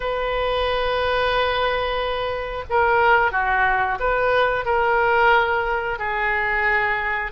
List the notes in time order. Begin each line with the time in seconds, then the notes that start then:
0.00 B4
2.69 A#4
3.32 F#4
3.99 B4
4.65 A#4
5.98 G#4